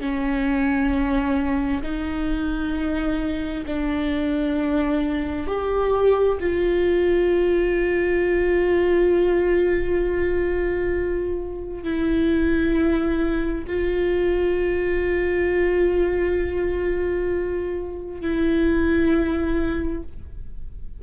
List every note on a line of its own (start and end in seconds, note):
0.00 1.82 C#4
1.83 3.64 D#4
3.66 5.47 D4
5.47 6.38 G4
6.40 11.83 F4
11.83 13.65 E4
13.67 18.21 F4
18.21 20.02 E4